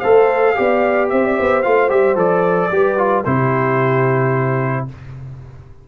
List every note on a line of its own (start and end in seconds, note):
0.00 0.58 A3
0.00 0.56 A4
0.00 0.54 C5
0.00 1.08 F5
0.56 1.12 B3
0.56 1.64 G4
0.56 1.11 D5
1.10 1.39 C4
1.10 1.24 C5
1.10 1.63 E5
1.24 1.37 D5
1.37 1.66 B3
1.37 2.72 C5
1.63 1.91 A3
1.63 1.89 F4
1.63 1.90 F5
1.89 2.16 G3
1.89 2.16 G4
1.89 2.17 E5
2.16 2.70 F3
2.16 2.70 A4
2.16 3.25 D5
2.72 3.26 G3
2.72 2.98 G4
2.72 3.26 B4
2.98 3.25 F4
3.25 4.88 C3
3.25 4.89 E4
3.25 4.88 G4
3.25 4.87 C5